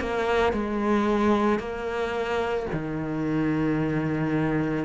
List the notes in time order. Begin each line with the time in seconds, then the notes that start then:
0.00 A#3
0.53 G#3
1.59 A#3
2.73 D#3